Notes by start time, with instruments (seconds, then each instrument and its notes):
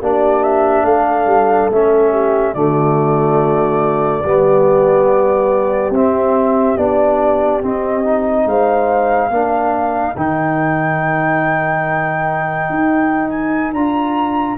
0.00 tuba A#3, trombone D4, horn G4, flute D5
0.43 flute E5
0.84 tuba A3, horn A4, flute F5
1.26 tuba G3
1.70 tuba A3, trombone C#4, flute E5
2.11 horn G4
2.54 tuba D3, trombone A3, horn F#4, flute D5
4.23 tuba G3, trombone B3, horn G4
5.90 tuba C4, trombone C4, flute E5
6.77 tuba B3, trombone D4, flute D5
7.62 trombone C4, tuba C4, flute D#5
8.04 trombone D#4
8.46 tuba G#3, horn C5, flute F5
9.30 tuba A#3, trombone D4, horn A#4
10.16 tuba D#3, trombone D#4, flute G5
12.70 tuba D#4
13.30 flute G#5
13.73 tuba D4, trombone F4, flute A#5